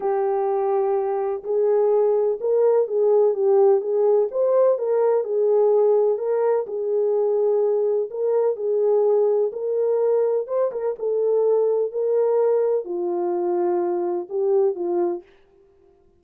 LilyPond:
\new Staff \with { instrumentName = "horn" } { \time 4/4 \tempo 4 = 126 g'2. gis'4~ | gis'4 ais'4 gis'4 g'4 | gis'4 c''4 ais'4 gis'4~ | gis'4 ais'4 gis'2~ |
gis'4 ais'4 gis'2 | ais'2 c''8 ais'8 a'4~ | a'4 ais'2 f'4~ | f'2 g'4 f'4 | }